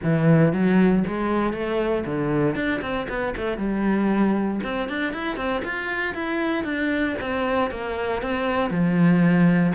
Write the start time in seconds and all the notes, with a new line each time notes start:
0.03 E3
0.52 F#3
1.07 G#3
1.53 A3
2.05 D3
2.55 D4
2.81 C4
3.08 B3
3.36 A3
3.57 G3
4.63 C4
4.89 D4
5.13 E4
5.36 C4
5.64 F4
6.14 E4
6.64 D4
7.20 C4
7.70 A#3
8.22 C4
8.70 F3